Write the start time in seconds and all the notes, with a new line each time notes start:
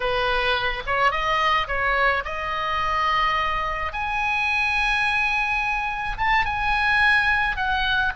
0.00 B4
0.86 C#5
1.11 D#5
1.67 C#5
2.25 D#5
3.93 G#5
6.17 A5
6.45 G#5
7.56 F#5